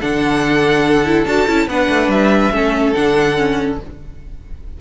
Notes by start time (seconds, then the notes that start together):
0.00 D3 D4 A4 F#5
1.05 E4
1.25 D4 F#4 A5
1.47 C#4 E4
1.67 B3 D4 B4 F#5
1.89 A3
2.07 G3 E5
2.51 A3 C#4 A4
2.93 D3 D4 F#5
3.36 C#4